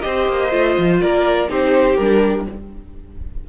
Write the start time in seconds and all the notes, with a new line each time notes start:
0.00 C4 G4 C5 D#5
0.28 A#3
0.51 A3 F4
0.78 F3
1.00 A#3 A#4 D5
1.48 C4 D#4 G4 C5
1.96 G3 D4 A#4